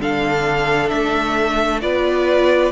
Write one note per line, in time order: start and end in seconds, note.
0.00 0.91 D3
0.00 1.81 D4
0.00 1.83 A4
0.00 0.89 F5
0.89 1.83 A3
0.89 1.80 E5
1.81 2.72 B3
1.81 2.72 F4
1.81 2.72 B4
1.81 2.72 D5